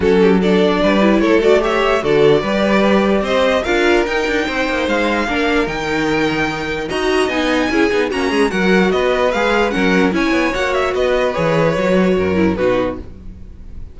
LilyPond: <<
  \new Staff \with { instrumentName = "violin" } { \time 4/4 \tempo 4 = 148 a'4 d''2 cis''8 d''8 | e''4 d''2. | dis''4 f''4 g''2 | f''2 g''2~ |
g''4 ais''4 gis''2 | ais''4 fis''4 dis''4 f''4 | fis''4 gis''4 fis''8 e''8 dis''4 | cis''2. b'4 | }
  \new Staff \with { instrumentName = "violin" } { \time 4/4 fis'8 g'8 a'4 b'4 a'4 | cis''4 a'4 b'2 | c''4 ais'2 c''4~ | c''4 ais'2.~ |
ais'4 dis''2 gis'4 | fis'8 gis'8 ais'4 b'2 | ais'4 cis''2 b'4~ | b'2 ais'4 fis'4 | }
  \new Staff \with { instrumentName = "viola" } { \time 4/4 cis'4 d'4. e'4 fis'8 | g'4 fis'4 g'2~ | g'4 f'4 dis'2~ | dis'4 d'4 dis'2~ |
dis'4 fis'4 dis'4 e'8 dis'8 | cis'4 fis'2 gis'4 | cis'4 e'4 fis'2 | gis'4 fis'4. e'8 dis'4 | }
  \new Staff \with { instrumentName = "cello" } { \time 4/4 fis2 g4 a4~ | a4 d4 g2 | c'4 d'4 dis'8 d'8 c'8 ais8 | gis4 ais4 dis2~ |
dis4 dis'4 b4 cis'8 b8 | ais8 gis8 fis4 b4 gis4 | fis4 cis'8 b8 ais4 b4 | e4 fis4 fis,4 b,4 | }
>>